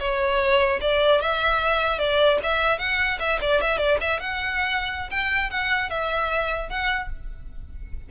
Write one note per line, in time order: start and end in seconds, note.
0.00 0.80 C#5
0.81 1.21 D5
1.21 1.99 E5
1.99 2.39 D5
2.43 2.79 E5
2.79 3.19 F#5
3.20 3.40 E5
3.41 3.61 D5
3.61 3.78 E5
3.78 3.98 D5
4.01 4.20 E5
4.20 5.10 F#5
5.11 5.51 G5
5.51 5.90 F#5
5.90 6.69 E5
6.69 7.09 F#5